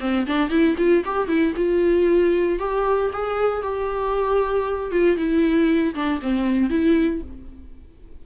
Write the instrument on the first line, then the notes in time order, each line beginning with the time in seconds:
viola
0.00 C4
0.26 D4
0.49 E4
0.77 F4
1.05 G4
1.27 E4
1.56 F4
2.59 G4
3.12 G#4
3.62 G4
4.91 F4
5.16 E4
5.94 D4
6.21 C4
6.70 E4